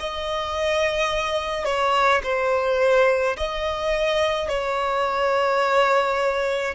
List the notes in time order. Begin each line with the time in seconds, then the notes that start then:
0.00 D#5
1.65 C#5
2.23 C5
3.37 D#5
4.49 C#5